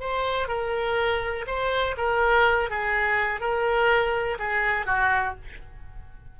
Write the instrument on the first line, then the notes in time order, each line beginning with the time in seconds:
oboe
0.00 C5
0.48 A#4
1.47 C5
1.97 A#4
2.70 G#4
3.41 A#4
4.39 G#4
4.86 F#4